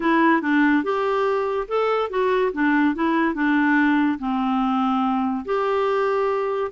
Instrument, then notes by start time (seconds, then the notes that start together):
clarinet
0.00 E4
0.41 D4
0.83 G4
1.68 A4
2.10 F#4
2.52 D4
2.95 E4
3.34 D4
4.18 C4
5.45 G4